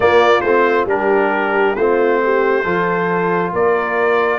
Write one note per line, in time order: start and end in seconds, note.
0.00 0.42 A#3
0.00 0.89 F4
0.00 0.40 D5
0.40 0.85 A3
0.40 0.87 C4
0.40 0.85 C5
0.85 1.74 G3
0.85 1.75 D4
0.85 1.76 G4
0.85 1.75 A#4
1.75 2.65 A3
1.75 2.63 C4
1.75 2.21 F4
1.75 3.52 C5
2.24 2.63 G4
2.63 3.53 F3
2.63 4.38 F4
2.63 3.51 A4
3.53 4.38 A#3
3.53 4.38 A#4
3.53 4.38 D5